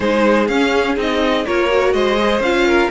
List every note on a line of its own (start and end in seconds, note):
0.00 0.48 G#3
0.00 0.48 D#4
0.00 1.45 G#4
0.00 0.47 C5
0.47 0.96 C#4
0.47 0.96 F5
0.96 1.45 C4
0.96 1.45 D#4
0.96 1.46 D#5
1.45 1.93 A#3
1.45 1.69 F4
1.45 1.94 A#4
1.45 1.92 C#5
1.69 2.17 F#4
1.92 2.40 G#3
1.92 2.67 C5
1.92 2.41 D#5
2.19 2.43 G#4
2.40 2.88 C#4
2.40 2.90 F4
2.40 2.90 F5
2.67 2.90 A#4